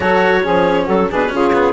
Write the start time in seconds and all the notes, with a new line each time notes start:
0.00 F#3 F#4 A4 C#5
0.42 F3 C#4 G#4
0.83 F#3 F#4 A4
1.09 B2 D4 G#4 B4
1.28 C#3 C#4 F4 G#4
1.52 B3